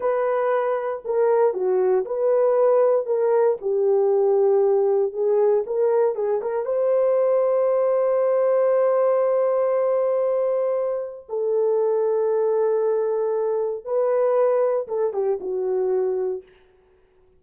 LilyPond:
\new Staff \with { instrumentName = "horn" } { \time 4/4 \tempo 4 = 117 b'2 ais'4 fis'4 | b'2 ais'4 g'4~ | g'2 gis'4 ais'4 | gis'8 ais'8 c''2.~ |
c''1~ | c''2 a'2~ | a'2. b'4~ | b'4 a'8 g'8 fis'2 | }